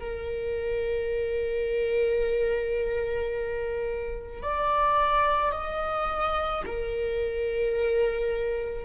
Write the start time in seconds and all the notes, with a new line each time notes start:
0.00 A#4
4.43 D5
5.53 D#5
6.66 A#4